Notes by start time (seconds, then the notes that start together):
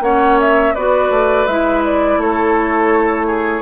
0.00 A#3 C#4 C#5 F#5
0.40 E5
0.74 B3 F#4 B4 D5
1.10 A3
1.46 G#3 E4 E5
1.84 D5
2.17 A3 A4 C#5
3.26 G#4